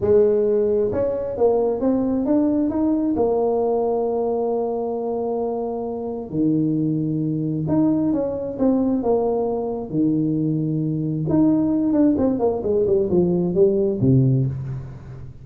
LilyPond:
\new Staff \with { instrumentName = "tuba" } { \time 4/4 \tempo 4 = 133 gis2 cis'4 ais4 | c'4 d'4 dis'4 ais4~ | ais1~ | ais2 dis2~ |
dis4 dis'4 cis'4 c'4 | ais2 dis2~ | dis4 dis'4. d'8 c'8 ais8 | gis8 g8 f4 g4 c4 | }